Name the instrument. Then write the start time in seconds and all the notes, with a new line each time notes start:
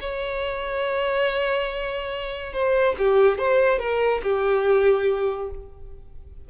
violin
0.00 C#5
2.53 C5
2.98 G4
3.38 C5
3.79 A#4
4.23 G4